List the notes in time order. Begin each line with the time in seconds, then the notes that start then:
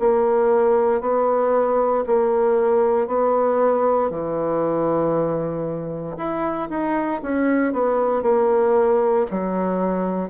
0.00 A#3
1.01 B3
2.06 A#3
3.08 B3
4.10 E3
6.17 E4
6.70 D#4
7.22 C#4
7.73 B3
8.22 A#3
9.31 F#3